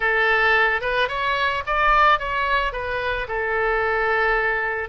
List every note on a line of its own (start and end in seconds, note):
0.00 0.81 A4
0.81 1.08 B4
1.08 1.63 C#5
1.66 2.19 D5
2.19 2.72 C#5
2.72 3.27 B4
3.28 4.89 A4